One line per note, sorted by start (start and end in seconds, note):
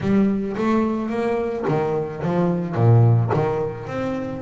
0.01 0.56 G3
0.57 1.09 A3
1.09 1.64 A#3
1.68 2.23 D#3
2.23 2.75 F3
2.75 3.30 A#2
3.33 3.87 D#3
3.87 4.41 C4